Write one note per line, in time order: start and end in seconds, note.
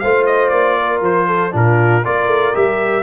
0.00 0.52 A3
0.00 1.52 F4
0.00 0.78 C5
0.00 0.25 F5
0.27 0.49 D#5
0.49 1.02 A#3
0.49 1.00 D5
0.80 1.28 A#4
1.02 1.52 F3
1.02 1.55 C5
1.28 1.53 A4
1.52 2.05 A#2
1.52 2.02 D4
1.52 2.05 F4
1.52 2.05 A#4
2.05 2.28 A#3
2.05 2.54 F4
2.05 3.03 A#4
2.05 2.56 D5
2.28 2.53 A3
2.54 3.03 G3
2.54 3.03 G4
2.54 3.03 E5